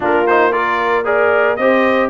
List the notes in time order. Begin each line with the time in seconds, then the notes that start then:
0.00 A#3 D4 F4 A#4
0.26 D#4 C5
0.51 F4 A#4 D5
1.04 G#4 A#4 D5
1.56 C4 G4 C5 D#5